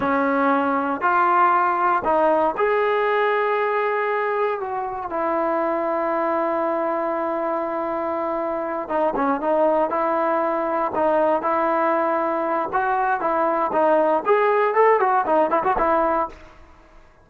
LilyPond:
\new Staff \with { instrumentName = "trombone" } { \time 4/4 \tempo 4 = 118 cis'2 f'2 | dis'4 gis'2.~ | gis'4 fis'4 e'2~ | e'1~ |
e'4. dis'8 cis'8 dis'4 e'8~ | e'4. dis'4 e'4.~ | e'4 fis'4 e'4 dis'4 | gis'4 a'8 fis'8 dis'8 e'16 fis'16 e'4 | }